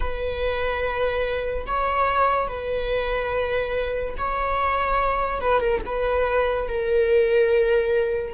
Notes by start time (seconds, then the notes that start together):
0.00 B4
1.66 C#5
2.48 B4
4.17 C#5
5.41 B4
5.60 A#4
5.85 B4
6.68 A#4